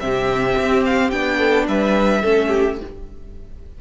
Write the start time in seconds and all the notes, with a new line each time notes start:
0.00 C3 C4 G4 E5
0.57 C4
0.85 F5
1.11 B3 D4 G5
1.38 A4
1.68 G3 B4 E5
2.22 A3 C#4 A4
2.48 G4